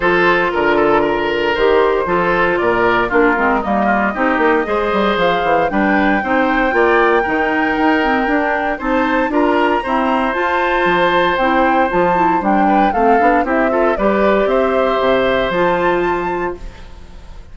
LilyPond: <<
  \new Staff \with { instrumentName = "flute" } { \time 4/4 \tempo 4 = 116 c''4 ais'2 c''4~ | c''4 d''4 ais'4 dis''4~ | dis''2 f''4 g''4~ | g''1~ |
g''4 a''4 ais''2 | a''2 g''4 a''4 | g''4 f''4 e''4 d''4 | e''2 a''2 | }
  \new Staff \with { instrumentName = "oboe" } { \time 4/4 a'4 ais'8 a'8 ais'2 | a'4 ais'4 f'4 dis'8 f'8 | g'4 c''2 b'4 | c''4 d''4 ais'2~ |
ais'4 c''4 ais'4 c''4~ | c''1~ | c''8 b'8 a'4 g'8 a'8 b'4 | c''1 | }
  \new Staff \with { instrumentName = "clarinet" } { \time 4/4 f'2. g'4 | f'2 d'8 c'8 ais4 | dis'4 gis'2 d'4 | dis'4 f'4 dis'4. c'8 |
d'4 dis'4 f'4 c'4 | f'2 e'4 f'8 e'8 | d'4 c'8 d'8 e'8 f'8 g'4~ | g'2 f'2 | }
  \new Staff \with { instrumentName = "bassoon" } { \time 4/4 f4 d2 dis4 | f4 ais,4 ais8 gis8 g4 | c'8 ais8 gis8 g8 f8 e8 g4 | c'4 ais4 dis4 dis'4 |
d'4 c'4 d'4 e'4 | f'4 f4 c'4 f4 | g4 a8 b8 c'4 g4 | c'4 c4 f2 | }
>>